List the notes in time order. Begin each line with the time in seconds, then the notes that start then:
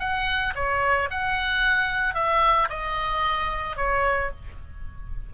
0.00 F#5
0.56 C#5
1.11 F#5
2.15 E5
2.70 D#5
3.77 C#5